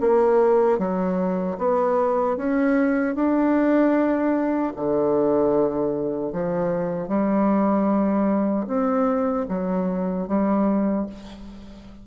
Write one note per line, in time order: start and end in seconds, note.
0.00 0.78 A#3
0.78 1.57 F#3
1.58 2.36 B3
2.36 3.15 C#4
3.15 4.73 D4
4.76 6.32 D3
6.32 7.08 F3
7.08 8.66 G3
8.67 9.46 C4
9.48 10.27 F#3
10.27 11.06 G3